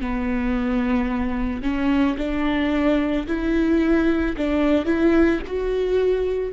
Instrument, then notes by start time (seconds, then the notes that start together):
viola
0.00 B3
1.62 C#4
2.17 D4
3.27 E4
4.36 D4
4.85 E4
5.46 F#4